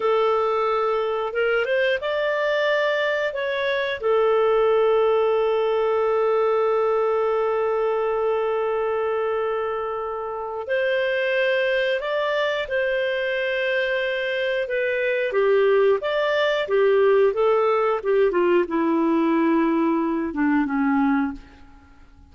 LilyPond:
\new Staff \with { instrumentName = "clarinet" } { \time 4/4 \tempo 4 = 90 a'2 ais'8 c''8 d''4~ | d''4 cis''4 a'2~ | a'1~ | a'1 |
c''2 d''4 c''4~ | c''2 b'4 g'4 | d''4 g'4 a'4 g'8 f'8 | e'2~ e'8 d'8 cis'4 | }